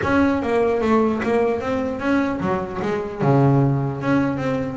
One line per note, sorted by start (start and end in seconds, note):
0.02 0.42 C#4
0.42 0.81 A#3
0.81 1.21 A3
1.23 1.60 A#3
1.60 1.99 C4
1.99 2.39 C#4
2.40 2.80 F#3
2.82 3.21 G#3
3.21 4.01 C#3
4.01 4.37 C#4
4.37 4.77 C4